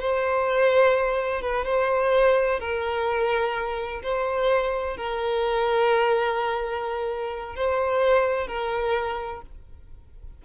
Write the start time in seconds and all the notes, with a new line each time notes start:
0.00 C5
1.41 B4
1.65 C5
2.59 A#4
4.02 C5
4.96 A#4
7.55 C5
8.47 A#4